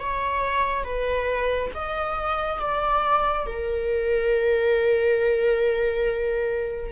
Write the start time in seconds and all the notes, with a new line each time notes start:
0.00 C#5
0.84 B4
1.75 D#5
2.60 D5
3.47 A#4